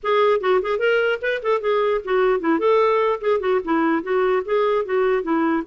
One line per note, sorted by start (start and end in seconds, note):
0.03 0.40 G#4
0.40 0.60 F#4
0.62 0.79 G#4
0.79 1.19 A#4
1.21 1.41 B4
1.42 1.61 A4
1.61 2.01 G#4
2.04 2.40 F#4
2.40 2.59 E4
2.59 3.19 A4
3.20 3.40 G#4
3.40 3.60 F#4
3.64 4.02 E4
4.02 4.43 F#4
4.45 4.85 G#4
4.85 5.22 F#4
5.22 5.63 E4